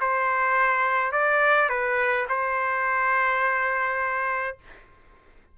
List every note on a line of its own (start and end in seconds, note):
0.00 1.12 C5
1.12 1.69 D5
1.69 2.26 B4
2.29 4.57 C5